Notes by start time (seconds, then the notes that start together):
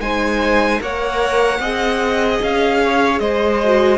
0.00 G#3 D#4 C5 G#5
0.80 A#3 A#4 C#5 F#5
1.60 C4 G#4 D#5
2.43 C#4 F5
2.83 C#5
3.20 G#3 C5 D#5
3.64 F#4